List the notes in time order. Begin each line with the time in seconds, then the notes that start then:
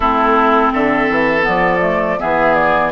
0.00 A3 C4 E4 A4
0.72 D3 A4 E5
1.09 E3
1.42 F3 B3 D5
1.80 A3
2.19 E3 B3 G#4 E5
2.54 D5